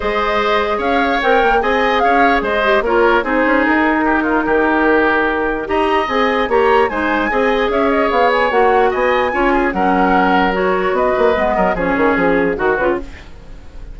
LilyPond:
<<
  \new Staff \with { instrumentName = "flute" } { \time 4/4 \tempo 4 = 148 dis''2 f''4 g''4 | gis''4 f''4 dis''4 cis''4 | c''4 ais'2.~ | ais'2 ais''4 gis''4 |
ais''4 gis''2 e''8 dis''8 | f''8 gis''8 fis''4 gis''2 | fis''2 cis''4 dis''4~ | dis''4 cis''4 gis'4 ais'8 b'8 | }
  \new Staff \with { instrumentName = "oboe" } { \time 4/4 c''2 cis''2 | dis''4 cis''4 c''4 ais'4 | gis'2 g'8 f'8 g'4~ | g'2 dis''2 |
cis''4 c''4 dis''4 cis''4~ | cis''2 dis''4 cis''8 gis'8 | ais'2. b'4~ | b'8 ais'8 gis'2 fis'4 | }
  \new Staff \with { instrumentName = "clarinet" } { \time 4/4 gis'2. ais'4 | gis'2~ gis'8 g'8 f'4 | dis'1~ | dis'2 g'4 gis'4 |
g'4 dis'4 gis'2~ | gis'4 fis'2 f'4 | cis'2 fis'2 | b4 cis'2 fis'8 f'8 | }
  \new Staff \with { instrumentName = "bassoon" } { \time 4/4 gis2 cis'4 c'8 ais8 | c'4 cis'4 gis4 ais4 | c'8 cis'8 dis'2 dis4~ | dis2 dis'4 c'4 |
ais4 gis4 c'4 cis'4 | b4 ais4 b4 cis'4 | fis2. b8 ais8 | gis8 fis8 f8 dis8 f4 dis8 cis8 | }
>>